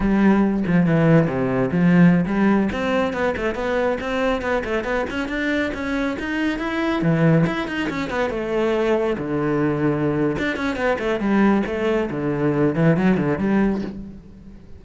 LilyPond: \new Staff \with { instrumentName = "cello" } { \time 4/4 \tempo 4 = 139 g4. f8 e4 c4 | f4~ f16 g4 c'4 b8 a16~ | a16 b4 c'4 b8 a8 b8 cis'16~ | cis'16 d'4 cis'4 dis'4 e'8.~ |
e'16 e4 e'8 dis'8 cis'8 b8 a8.~ | a4~ a16 d2~ d8. | d'8 cis'8 b8 a8 g4 a4 | d4. e8 fis8 d8 g4 | }